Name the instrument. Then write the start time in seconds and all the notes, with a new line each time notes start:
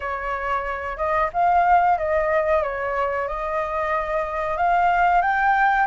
flute
0.00 C#5
0.97 D#5
1.33 F5
1.97 D#5
2.62 C#5
3.28 D#5
4.57 F5
5.21 G5